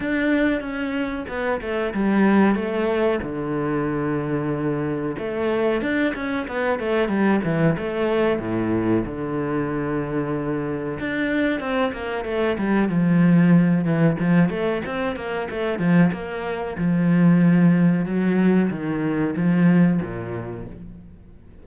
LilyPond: \new Staff \with { instrumentName = "cello" } { \time 4/4 \tempo 4 = 93 d'4 cis'4 b8 a8 g4 | a4 d2. | a4 d'8 cis'8 b8 a8 g8 e8 | a4 a,4 d2~ |
d4 d'4 c'8 ais8 a8 g8 | f4. e8 f8 a8 c'8 ais8 | a8 f8 ais4 f2 | fis4 dis4 f4 ais,4 | }